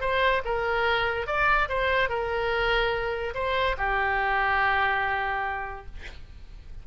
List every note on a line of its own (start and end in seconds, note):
0.00 0.42 C5
0.44 1.27 A#4
1.27 1.68 D5
1.69 2.09 C5
2.09 3.34 A#4
3.34 3.76 C5
3.77 5.86 G4